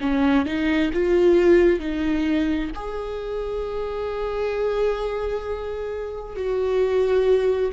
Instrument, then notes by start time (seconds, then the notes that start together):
viola
0.00 C#4
0.45 D#4
0.93 F4
1.79 D#4
2.74 G#4
6.36 F#4